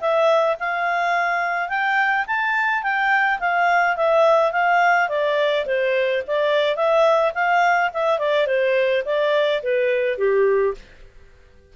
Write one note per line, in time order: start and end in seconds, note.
0.00 0.57 E5
0.59 1.69 F5
1.69 2.25 G5
2.26 2.83 A5
2.83 3.39 G5
3.39 3.96 F5
3.96 4.52 E5
4.52 5.08 F5
5.09 5.65 D5
5.66 6.23 C5
6.27 6.76 D5
6.76 7.32 E5
7.34 7.91 F5
7.93 8.18 E5
8.18 8.46 D5
8.46 9.03 C5
9.05 9.61 D5
9.62 10.18 B4
10.18 10.74 G4